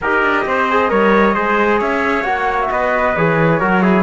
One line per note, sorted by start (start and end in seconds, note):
0.01 0.22 D#4
0.01 0.70 G4
0.01 0.46 A#4
0.01 1.80 D#5
0.22 0.45 D4
0.45 0.90 C4
0.45 0.90 C5
0.70 0.88 G#4
0.88 1.36 G3
0.88 1.33 A#4
0.88 1.34 C#5
1.34 1.81 G#3
1.34 2.25 G#4
1.34 1.78 C5
1.78 2.23 C#4
1.78 2.69 C#5
1.78 2.23 E5
2.23 2.69 A#3
2.23 3.15 F#4
2.23 2.57 F#5
2.60 2.71 E5
2.70 3.16 B3
2.70 3.59 B4
2.70 3.16 D#5
3.16 3.61 E3
3.16 3.60 G#4
3.16 4.03 C#5
3.59 4.03 F#3
3.59 3.82 F#4
3.59 3.82 A#4
3.82 4.03 E4
3.82 4.03 G#4